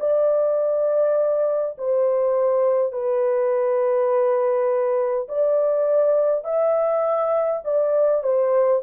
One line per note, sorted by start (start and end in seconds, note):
0.00 1.76 D5
1.79 2.93 C5
2.93 5.28 B4
5.29 6.44 D5
6.44 7.62 E5
7.65 8.24 D5
8.24 8.82 C5